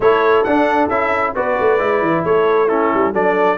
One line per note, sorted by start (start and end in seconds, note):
0.00 0.45 A3
0.00 0.45 E4
0.00 1.35 A4
0.00 0.44 C#5
0.44 0.88 D4
0.44 0.90 D4
0.44 0.89 F#5
0.88 1.33 C#4
0.88 1.35 E4
0.88 1.34 E5
1.35 1.58 B3
1.35 1.78 F#4
1.35 2.24 B4
1.35 2.24 D5
1.60 1.79 A3
1.78 2.01 G#3
1.78 2.68 E4
2.01 2.23 E3
2.24 2.91 A3
2.24 2.67 A4
2.24 2.68 C#5
2.67 3.13 C#4
2.67 3.12 E4
2.67 3.13 A4
2.94 3.13 G3
3.12 3.57 F#3
3.12 3.57 D4
3.12 3.57 A4
3.12 3.57 D5